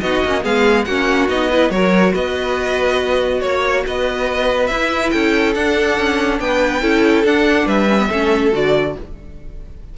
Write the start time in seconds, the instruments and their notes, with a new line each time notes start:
0.00 cello B3, viola D#4, violin F#4 D#5
0.24 cello A#3, viola C#4
0.42 cello G#3, viola B3, violin G#4 F5
0.84 cello A#3, viola C#4, violin F#4 F#5
1.29 cello B3, viola D#4, violin D#5
1.50 viola E4, violin B4
1.70 cello F#3, viola F#4, violin A#4 C#5
2.13 cello B3, violin B4 D#5
3.39 cello A#3, violin C#5
3.86 cello B3, violin B4 D#5
4.67 cello E4, viola E4, violin E5
5.11 cello C#4, violin A4 G5
5.54 viola D4, cello D4, violin F#5
5.98 cello C#4
6.40 cello B3, violin B4 G5
6.81 cello C#4, viola E4, violin A4
7.24 cello D4, viola D4, violin F#5
7.65 cello G3, violin B4 E5
7.89 viola C#4
7.98 viola B3
8.09 cello A3, viola C#4, violin A4
8.52 cello D3, viola F#4, violin D5